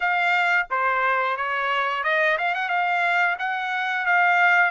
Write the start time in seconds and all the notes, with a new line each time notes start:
0.00 F5
0.70 C5
1.36 C#5
2.03 D#5
2.38 F5
2.54 F#5
2.68 F5
3.39 F#5
4.05 F5